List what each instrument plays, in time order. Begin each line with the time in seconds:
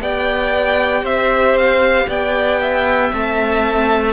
0.00 cello B3, viola G4, violin D5 G5
1.02 cello C4, violin C5 E5
1.57 violin F5
2.08 cello B3, violin D5 G5
2.61 violin E5
3.10 cello A3, viola C4, violin A5